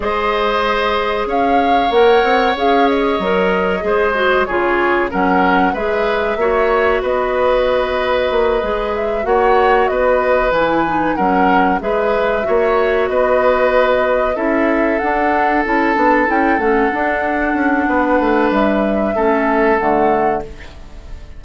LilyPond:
<<
  \new Staff \with { instrumentName = "flute" } { \time 4/4 \tempo 4 = 94 dis''2 f''4 fis''4 | f''8 dis''2~ dis''8 cis''4 | fis''4 e''2 dis''4~ | dis''2 e''8 fis''4 dis''8~ |
dis''8 gis''4 fis''4 e''4.~ | e''8 dis''2 e''4 fis''8~ | fis''8 a''4 g''8 fis''2~ | fis''4 e''2 fis''4 | }
  \new Staff \with { instrumentName = "oboe" } { \time 4/4 c''2 cis''2~ | cis''2 c''4 gis'4 | ais'4 b'4 cis''4 b'4~ | b'2~ b'8 cis''4 b'8~ |
b'4. ais'4 b'4 cis''8~ | cis''8 b'2 a'4.~ | a'1 | b'2 a'2 | }
  \new Staff \with { instrumentName = "clarinet" } { \time 4/4 gis'2. ais'4 | gis'4 ais'4 gis'8 fis'8 f'4 | cis'4 gis'4 fis'2~ | fis'4. gis'4 fis'4.~ |
fis'8 e'8 dis'8 cis'4 gis'4 fis'8~ | fis'2~ fis'8 e'4 d'8~ | d'8 e'8 d'8 e'8 cis'8 d'4.~ | d'2 cis'4 a4 | }
  \new Staff \with { instrumentName = "bassoon" } { \time 4/4 gis2 cis'4 ais8 c'8 | cis'4 fis4 gis4 cis4 | fis4 gis4 ais4 b4~ | b4 ais8 gis4 ais4 b8~ |
b8 e4 fis4 gis4 ais8~ | ais8 b2 cis'4 d'8~ | d'8 cis'8 b8 cis'8 a8 d'4 cis'8 | b8 a8 g4 a4 d4 | }
>>